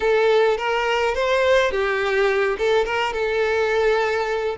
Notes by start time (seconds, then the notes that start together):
0.00 A4
0.57 A#4
1.14 C5
1.71 G4
2.58 A4
2.85 A#4
3.13 A4